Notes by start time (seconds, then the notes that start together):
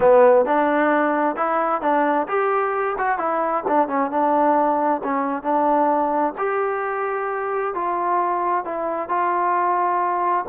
0.00 B3
0.45 D4
1.36 E4
1.81 D4
2.27 G4
2.98 F#4
3.18 E4
3.67 D4
3.88 C#4
4.10 D4
5.03 C#4
5.42 D4
6.38 G4
7.74 F4
8.64 E4
9.08 F4